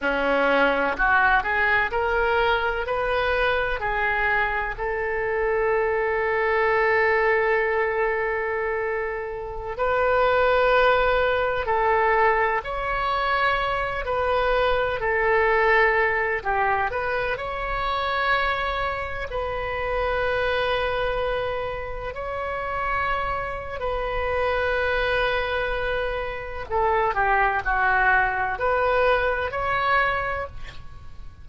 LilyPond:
\new Staff \with { instrumentName = "oboe" } { \time 4/4 \tempo 4 = 63 cis'4 fis'8 gis'8 ais'4 b'4 | gis'4 a'2.~ | a'2~ a'16 b'4.~ b'16~ | b'16 a'4 cis''4. b'4 a'16~ |
a'4~ a'16 g'8 b'8 cis''4.~ cis''16~ | cis''16 b'2. cis''8.~ | cis''4 b'2. | a'8 g'8 fis'4 b'4 cis''4 | }